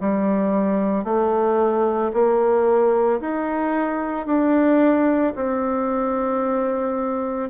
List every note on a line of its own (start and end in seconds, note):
0.00 1.04 G3
1.04 2.11 A3
2.13 3.20 A#3
3.20 4.26 D#4
4.26 5.33 D4
5.36 7.50 C4